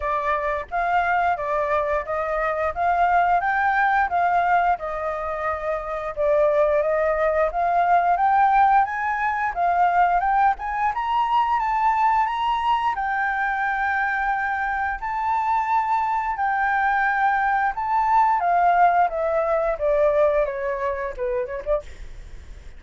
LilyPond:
\new Staff \with { instrumentName = "flute" } { \time 4/4 \tempo 4 = 88 d''4 f''4 d''4 dis''4 | f''4 g''4 f''4 dis''4~ | dis''4 d''4 dis''4 f''4 | g''4 gis''4 f''4 g''8 gis''8 |
ais''4 a''4 ais''4 g''4~ | g''2 a''2 | g''2 a''4 f''4 | e''4 d''4 cis''4 b'8 cis''16 d''16 | }